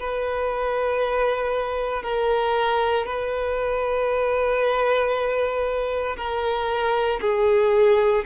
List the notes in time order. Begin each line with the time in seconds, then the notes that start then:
0.00 B4
2.03 A#4
3.06 B4
6.17 A#4
7.21 G#4